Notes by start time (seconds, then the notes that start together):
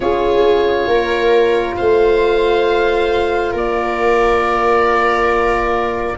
0.00 C#4 F4 G#4 C#5
0.87 A#3 A#4
1.76 A3 C5 F5
3.51 A#3 A#4 D5